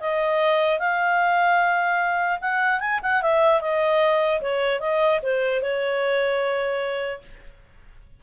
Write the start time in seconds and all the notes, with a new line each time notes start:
0.00 D#5
0.79 F5
2.41 F#5
2.80 G#5
3.03 F#5
3.22 E5
3.61 D#5
4.41 C#5
4.80 D#5
5.23 C5
5.62 C#5